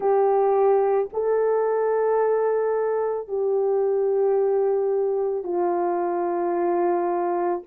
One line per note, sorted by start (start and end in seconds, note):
0.00 1.09 G4
1.13 3.27 A4
3.27 5.43 G4
5.43 7.61 F4